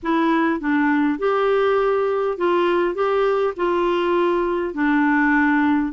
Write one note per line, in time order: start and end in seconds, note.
0.03 0.60 E4
0.60 1.19 D4
1.19 2.37 G4
2.37 2.94 F4
2.94 3.54 G4
3.56 4.74 F4
4.74 5.92 D4